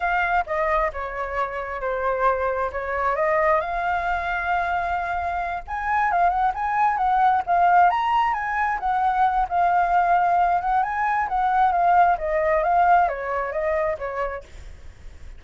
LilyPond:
\new Staff \with { instrumentName = "flute" } { \time 4/4 \tempo 4 = 133 f''4 dis''4 cis''2 | c''2 cis''4 dis''4 | f''1~ | f''8 gis''4 f''8 fis''8 gis''4 fis''8~ |
fis''8 f''4 ais''4 gis''4 fis''8~ | fis''4 f''2~ f''8 fis''8 | gis''4 fis''4 f''4 dis''4 | f''4 cis''4 dis''4 cis''4 | }